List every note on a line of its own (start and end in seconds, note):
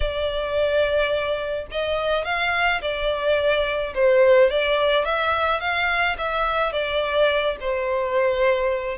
0.00 1.66 D5
1.71 2.25 D#5
2.25 2.81 F5
2.81 3.93 D5
3.94 4.50 C5
4.50 5.04 D5
5.04 5.60 E5
5.60 6.16 F5
6.18 6.72 E5
6.72 7.56 D5
7.60 8.98 C5